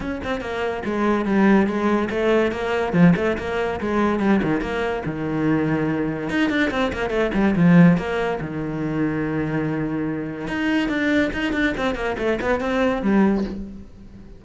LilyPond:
\new Staff \with { instrumentName = "cello" } { \time 4/4 \tempo 4 = 143 cis'8 c'8 ais4 gis4 g4 | gis4 a4 ais4 f8 a8 | ais4 gis4 g8 dis8 ais4 | dis2. dis'8 d'8 |
c'8 ais8 a8 g8 f4 ais4 | dis1~ | dis4 dis'4 d'4 dis'8 d'8 | c'8 ais8 a8 b8 c'4 g4 | }